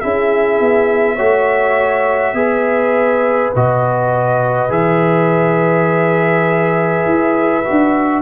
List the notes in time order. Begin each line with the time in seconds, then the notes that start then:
0.00 C#4 E4 G#4 E5
0.60 B3
1.15 A3 F#4 C#5
2.33 B3 G#4 B4
3.55 B2 F#4 D#5
4.69 E3 G#4 E5
7.05 E4
7.64 D4 F#4